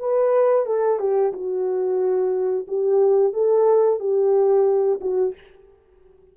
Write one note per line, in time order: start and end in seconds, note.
0.00 0.66 B4
0.66 1.00 A4
1.00 1.33 G4
1.33 2.66 F#4
2.68 3.34 G4
3.34 4.00 A4
4.00 5.00 G4
5.02 5.35 F#4